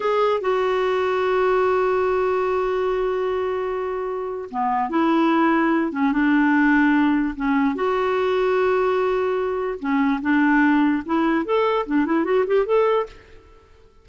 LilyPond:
\new Staff \with { instrumentName = "clarinet" } { \time 4/4 \tempo 4 = 147 gis'4 fis'2.~ | fis'1~ | fis'2. b4 | e'2~ e'8 cis'8 d'4~ |
d'2 cis'4 fis'4~ | fis'1 | cis'4 d'2 e'4 | a'4 d'8 e'8 fis'8 g'8 a'4 | }